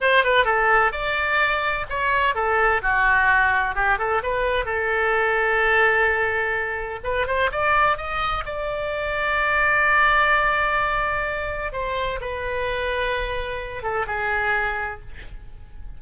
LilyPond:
\new Staff \with { instrumentName = "oboe" } { \time 4/4 \tempo 4 = 128 c''8 b'8 a'4 d''2 | cis''4 a'4 fis'2 | g'8 a'8 b'4 a'2~ | a'2. b'8 c''8 |
d''4 dis''4 d''2~ | d''1~ | d''4 c''4 b'2~ | b'4. a'8 gis'2 | }